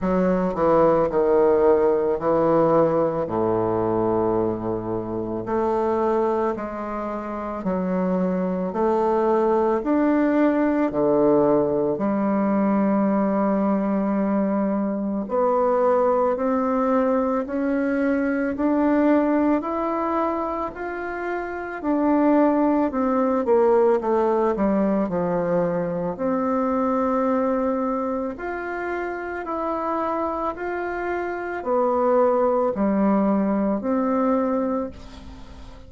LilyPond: \new Staff \with { instrumentName = "bassoon" } { \time 4/4 \tempo 4 = 55 fis8 e8 dis4 e4 a,4~ | a,4 a4 gis4 fis4 | a4 d'4 d4 g4~ | g2 b4 c'4 |
cis'4 d'4 e'4 f'4 | d'4 c'8 ais8 a8 g8 f4 | c'2 f'4 e'4 | f'4 b4 g4 c'4 | }